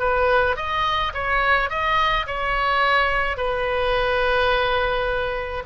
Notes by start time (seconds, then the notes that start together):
0.00 B4
0.57 D#5
1.14 C#5
1.70 D#5
2.27 C#5
3.38 B4